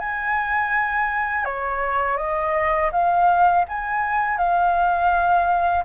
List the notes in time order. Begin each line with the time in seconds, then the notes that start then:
0.00 G#5
1.45 C#5
2.18 D#5
2.92 F5
3.69 G#5
4.38 F5